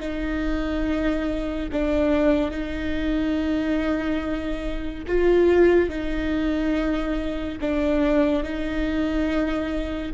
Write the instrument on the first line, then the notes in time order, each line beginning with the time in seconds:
viola
0.00 D#4
1.72 D4
2.51 D#4
5.07 F4
5.89 D#4
7.61 D4
8.43 D#4